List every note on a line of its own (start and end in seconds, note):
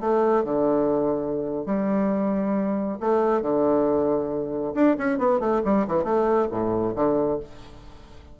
0.00 0.44 A3
0.44 1.66 D3
1.66 2.98 G3
3.00 3.42 A3
3.42 4.74 D3
4.74 4.97 D4
4.98 5.18 C#4
5.18 5.40 B3
5.40 5.62 A3
5.65 5.87 G3
5.87 6.04 E3
6.04 6.48 A3
6.51 6.95 A2
6.95 7.39 D3